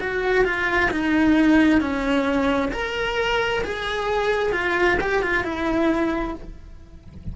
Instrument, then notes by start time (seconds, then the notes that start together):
cello
0.00 F#4
0.45 F4
0.90 D#4
1.80 C#4
2.72 A#4
3.64 G#4
4.52 F4
5.00 G4
5.22 F4
5.43 E4